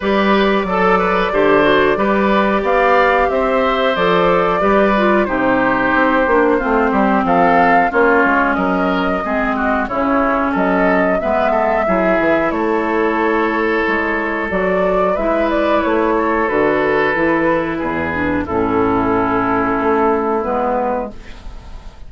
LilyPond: <<
  \new Staff \with { instrumentName = "flute" } { \time 4/4 \tempo 4 = 91 d''1 | f''4 e''4 d''2 | c''2. f''4 | cis''4 dis''2 cis''4 |
dis''4 e''2 cis''4~ | cis''2 d''4 e''8 d''8 | cis''4 b'2. | a'2. b'4 | }
  \new Staff \with { instrumentName = "oboe" } { \time 4/4 b'4 a'8 b'8 c''4 b'4 | d''4 c''2 b'4 | g'2 f'8 g'8 a'4 | f'4 ais'4 gis'8 fis'8 e'4 |
a'4 b'8 a'8 gis'4 a'4~ | a'2. b'4~ | b'8 a'2~ a'8 gis'4 | e'1 | }
  \new Staff \with { instrumentName = "clarinet" } { \time 4/4 g'4 a'4 g'8 fis'8 g'4~ | g'2 a'4 g'8 f'8 | dis'4. d'8 c'2 | cis'2 c'4 cis'4~ |
cis'4 b4 e'2~ | e'2 fis'4 e'4~ | e'4 fis'4 e'4. d'8 | cis'2. b4 | }
  \new Staff \with { instrumentName = "bassoon" } { \time 4/4 g4 fis4 d4 g4 | b4 c'4 f4 g4 | c4 c'8 ais8 a8 g8 f4 | ais8 gis8 fis4 gis4 cis4 |
fis4 gis4 fis8 e8 a4~ | a4 gis4 fis4 gis4 | a4 d4 e4 e,4 | a,2 a4 gis4 | }
>>